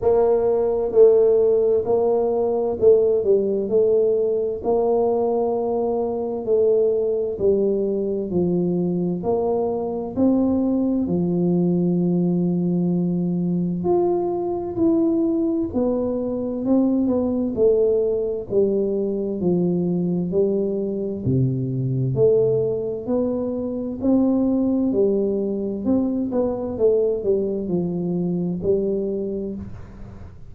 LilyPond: \new Staff \with { instrumentName = "tuba" } { \time 4/4 \tempo 4 = 65 ais4 a4 ais4 a8 g8 | a4 ais2 a4 | g4 f4 ais4 c'4 | f2. f'4 |
e'4 b4 c'8 b8 a4 | g4 f4 g4 c4 | a4 b4 c'4 g4 | c'8 b8 a8 g8 f4 g4 | }